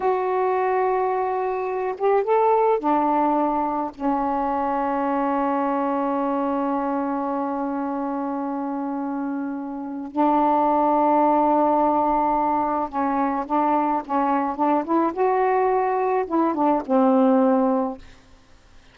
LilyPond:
\new Staff \with { instrumentName = "saxophone" } { \time 4/4 \tempo 4 = 107 fis'2.~ fis'8 g'8 | a'4 d'2 cis'4~ | cis'1~ | cis'1~ |
cis'2 d'2~ | d'2. cis'4 | d'4 cis'4 d'8 e'8 fis'4~ | fis'4 e'8 d'8 c'2 | }